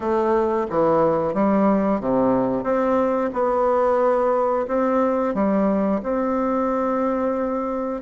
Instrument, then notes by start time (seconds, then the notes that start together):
bassoon
0.00 A3
0.69 E3
1.33 G3
2.00 C3
2.63 C4
3.33 B3
4.67 C4
5.34 G3
6.02 C4